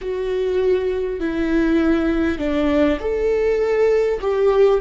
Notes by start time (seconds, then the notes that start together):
0.01 F#4
1.20 E4
2.38 D4
2.99 A4
4.20 G4